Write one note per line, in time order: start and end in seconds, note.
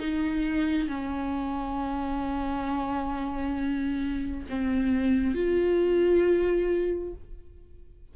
0.00 0.89 D#4
0.89 4.47 C#4
4.49 5.35 C4
5.35 7.14 F4